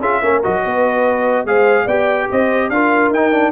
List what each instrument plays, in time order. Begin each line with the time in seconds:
0.00 tuba C#4, trombone F4, horn G#4, trumpet E5
0.23 tuba A#3, trombone C#4, horn A#4
0.43 tuba F#3, trombone F#4, trumpet D#5
0.65 tuba B3, horn B4
1.45 tuba G#3, trombone G#4, horn C5, trumpet F5
1.85 tuba B3, trombone G4, horn D5, trumpet G5
2.31 tuba C4, horn C5, trumpet D#5
2.70 tuba D4, trombone F4, horn A#4, trumpet F5
3.10 tuba D#4, trombone D#4, trumpet G5
3.32 trombone D4